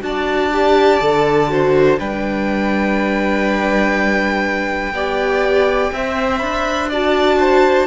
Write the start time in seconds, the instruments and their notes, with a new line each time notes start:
0.00 cello D4, viola F#4, violin D5 A5
0.52 viola G4
1.00 cello D3, viola A4
1.48 viola F#4, violin C5
1.99 cello G3, viola D4, violin B4 G5
4.92 cello B3, viola G4, violin D5
5.92 cello C4, viola C5, violin E5
6.38 cello D4, violin B5
6.89 viola F#4, violin D5 A5
7.39 violin C5